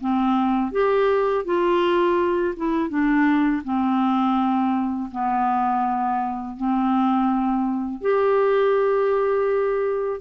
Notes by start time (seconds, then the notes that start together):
0.00 C4
0.71 G4
1.44 F4
2.56 E4
2.89 D4
3.64 C4
5.11 B3
6.56 C4
8.01 G4